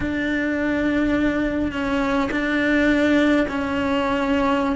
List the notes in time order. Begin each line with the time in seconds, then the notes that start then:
0.00 D4
1.72 C#4
2.31 D4
3.48 C#4